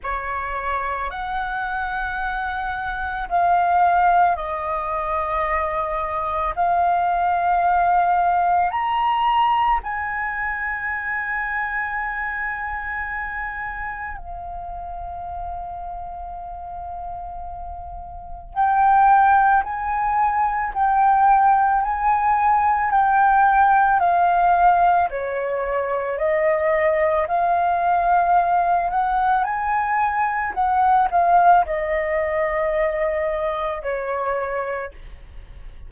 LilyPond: \new Staff \with { instrumentName = "flute" } { \time 4/4 \tempo 4 = 55 cis''4 fis''2 f''4 | dis''2 f''2 | ais''4 gis''2.~ | gis''4 f''2.~ |
f''4 g''4 gis''4 g''4 | gis''4 g''4 f''4 cis''4 | dis''4 f''4. fis''8 gis''4 | fis''8 f''8 dis''2 cis''4 | }